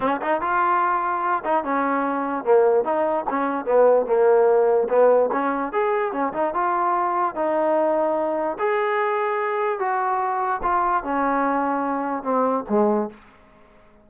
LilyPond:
\new Staff \with { instrumentName = "trombone" } { \time 4/4 \tempo 4 = 147 cis'8 dis'8 f'2~ f'8 dis'8 | cis'2 ais4 dis'4 | cis'4 b4 ais2 | b4 cis'4 gis'4 cis'8 dis'8 |
f'2 dis'2~ | dis'4 gis'2. | fis'2 f'4 cis'4~ | cis'2 c'4 gis4 | }